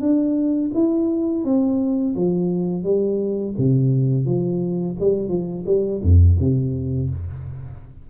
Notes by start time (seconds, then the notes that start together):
0.00 D4
0.73 E4
1.44 C4
2.15 F3
2.83 G3
3.57 C3
4.25 F3
5.00 G3
5.28 F3
5.65 G3
6.02 F2
6.39 C3